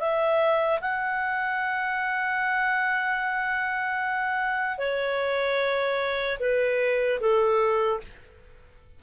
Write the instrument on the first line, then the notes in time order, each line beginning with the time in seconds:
clarinet
0.00 E5
0.81 F#5
4.78 C#5
6.40 B4
7.21 A4